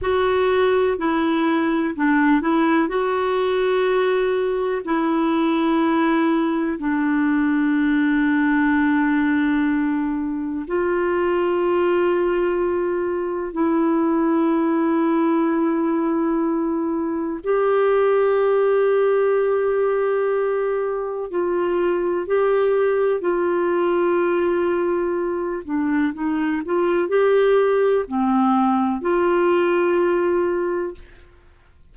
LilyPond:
\new Staff \with { instrumentName = "clarinet" } { \time 4/4 \tempo 4 = 62 fis'4 e'4 d'8 e'8 fis'4~ | fis'4 e'2 d'4~ | d'2. f'4~ | f'2 e'2~ |
e'2 g'2~ | g'2 f'4 g'4 | f'2~ f'8 d'8 dis'8 f'8 | g'4 c'4 f'2 | }